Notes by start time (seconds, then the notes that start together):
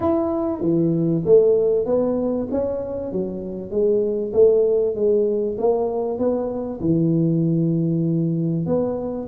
0.00 E4
0.60 E3
1.25 A3
1.85 B3
2.51 C#4
3.12 F#3
3.70 G#3
4.33 A3
4.95 G#3
5.58 A#3
6.18 B3
6.80 E3
8.66 B3